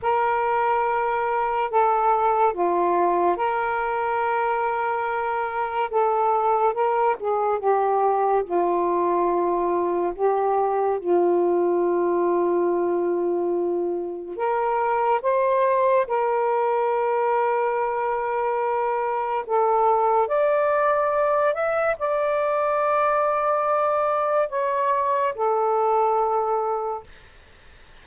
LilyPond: \new Staff \with { instrumentName = "saxophone" } { \time 4/4 \tempo 4 = 71 ais'2 a'4 f'4 | ais'2. a'4 | ais'8 gis'8 g'4 f'2 | g'4 f'2.~ |
f'4 ais'4 c''4 ais'4~ | ais'2. a'4 | d''4. e''8 d''2~ | d''4 cis''4 a'2 | }